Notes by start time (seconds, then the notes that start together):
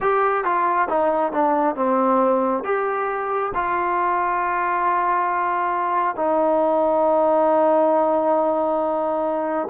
0.00 G4
0.44 F4
0.88 D#4
1.32 D4
1.75 C4
2.64 G4
3.54 F4
6.15 D#4